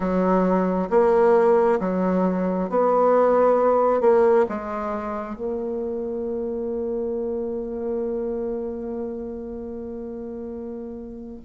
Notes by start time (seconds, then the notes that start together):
0.00 F#3
0.90 A#3
1.80 F#3
2.69 B3
4.01 A#3
4.49 G#3
5.35 A#3